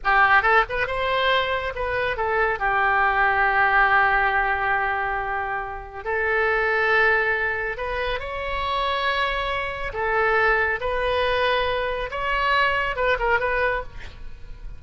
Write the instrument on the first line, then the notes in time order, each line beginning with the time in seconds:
oboe
0.04 G4
0.42 A4
0.69 B4
0.86 C5
1.75 B4
2.16 A4
2.59 G4
6.04 A4
7.77 B4
8.19 C#5
9.93 A4
10.80 B4
12.10 C#5
12.96 B4
13.19 A#4
13.39 B4